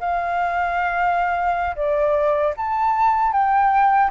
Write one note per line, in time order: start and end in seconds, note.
0.00 1.75 F5
1.76 2.54 D5
2.57 3.33 A5
3.33 4.11 G5